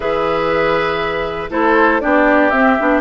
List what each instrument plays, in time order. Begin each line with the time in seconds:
0.00 bassoon E3, clarinet G#4, oboe B4, flute E5
1.50 bassoon A3, clarinet E4, oboe A4, flute C5
2.00 bassoon B3, clarinet D4, oboe G4, flute D5
2.50 bassoon C4, clarinet C4, flute E5
2.79 bassoon B3, clarinet D4